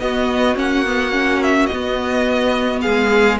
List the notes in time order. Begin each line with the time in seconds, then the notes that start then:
0.00 B3 F#4 D#5
0.55 A#3 C#4 F#5
0.86 B3
1.12 C#4
1.43 E5
1.66 D#5
1.73 B3
2.81 G#3 G#4 F5